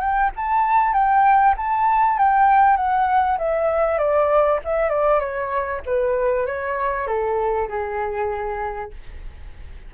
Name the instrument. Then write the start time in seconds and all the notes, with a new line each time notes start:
flute
0.00 G5
0.36 A5
0.93 G5
1.57 A5
2.18 G5
2.77 F#5
3.38 E5
3.98 D5
4.64 E5
4.89 D5
5.20 C#5
5.86 B4
6.46 C#5
7.07 A4
7.68 G#4